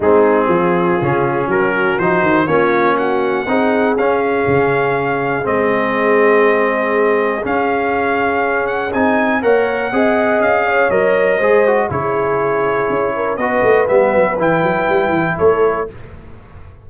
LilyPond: <<
  \new Staff \with { instrumentName = "trumpet" } { \time 4/4 \tempo 4 = 121 gis'2. ais'4 | c''4 cis''4 fis''2 | f''2. dis''4~ | dis''2. f''4~ |
f''4. fis''8 gis''4 fis''4~ | fis''4 f''4 dis''2 | cis''2. dis''4 | e''4 g''2 cis''4 | }
  \new Staff \with { instrumentName = "horn" } { \time 4/4 dis'4 f'2 fis'4~ | fis'4 f'4 fis'4 gis'4~ | gis'1~ | gis'1~ |
gis'2. cis''4 | dis''4. cis''4. c''4 | gis'2~ gis'8 ais'8 b'4~ | b'2. a'4 | }
  \new Staff \with { instrumentName = "trombone" } { \time 4/4 c'2 cis'2 | dis'4 cis'2 dis'4 | cis'2. c'4~ | c'2. cis'4~ |
cis'2 dis'4 ais'4 | gis'2 ais'4 gis'8 fis'8 | e'2. fis'4 | b4 e'2. | }
  \new Staff \with { instrumentName = "tuba" } { \time 4/4 gis4 f4 cis4 fis4 | f8 dis8 ais2 c'4 | cis'4 cis2 gis4~ | gis2. cis'4~ |
cis'2 c'4 ais4 | c'4 cis'4 fis4 gis4 | cis2 cis'4 b8 a8 | g8 fis8 e8 fis8 g8 e8 a4 | }
>>